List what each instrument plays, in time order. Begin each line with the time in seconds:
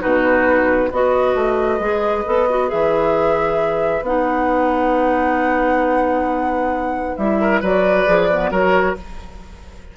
0.00 bassoon B2, clarinet D#4, oboe F#4, flute B4
0.90 bassoon B3, clarinet F#4, oboe B4, flute D#5
1.35 bassoon A3
1.79 bassoon G#3, clarinet G#4
2.25 bassoon B3, clarinet A4
2.49 clarinet F#4
2.68 bassoon E3, clarinet G#4, flute E5
4.02 bassoon B3, clarinet D#4, flute F#5
7.17 bassoon G3, clarinet E4, flute E5
7.40 oboe A#4
7.61 bassoon F#3, clarinet F#4, oboe B4, flute D5
8.07 bassoon F3, clarinet G#4
8.31 clarinet B3
8.51 bassoon F#3, clarinet F#4, oboe A#4, flute C#5